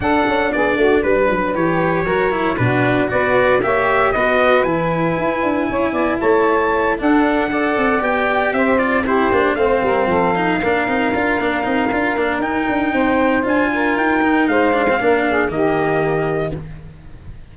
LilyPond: <<
  \new Staff \with { instrumentName = "trumpet" } { \time 4/4 \tempo 4 = 116 fis''4 d''4 b'4 cis''4~ | cis''4 b'4 d''4 e''4 | dis''4 gis''2. | a''4. fis''2 g''8~ |
g''8 e''8 d''8 c''4 f''4.~ | f''1 | g''2 gis''4 g''4 | f''2 dis''2 | }
  \new Staff \with { instrumentName = "saxophone" } { \time 4/4 a'4 gis'8 fis'8 b'2 | ais'4 fis'4 b'4 cis''4 | b'2. cis''8 d''8 | cis''4. a'4 d''4.~ |
d''8 c''4 g'4 c''8 ais'8 a'8~ | a'8 ais'2.~ ais'8~ | ais'4 c''4. ais'4. | c''4 ais'8 gis'8 g'2 | }
  \new Staff \with { instrumentName = "cello" } { \time 4/4 d'2. g'4 | fis'8 e'8 d'4 fis'4 g'4 | fis'4 e'2.~ | e'4. d'4 a'4 g'8~ |
g'4 f'8 e'8 d'8 c'4. | dis'8 d'8 dis'8 f'8 d'8 dis'8 f'8 d'8 | dis'2 f'4. dis'8~ | dis'8 d'16 c'16 d'4 ais2 | }
  \new Staff \with { instrumentName = "tuba" } { \time 4/4 d'8 cis'8 b8 a8 g8 fis8 e4 | fis4 b,4 b4 ais4 | b4 e4 e'8 d'8 cis'8 b8 | a4. d'4. c'8 b8~ |
b8 c'4. ais8 a8 g8 f8~ | f8 ais8 c'8 d'8 ais8 c'8 d'8 ais8 | dis'8 d'8 c'4 d'4 dis'4 | gis4 ais4 dis2 | }
>>